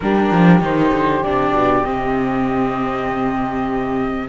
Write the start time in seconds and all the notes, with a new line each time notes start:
0.00 G3 D4 G4 A#4
0.31 F3
0.60 D#3 D#4 C5
0.93 D3
1.23 C3 D4 D5
1.51 B2
1.84 C3 C4 D#5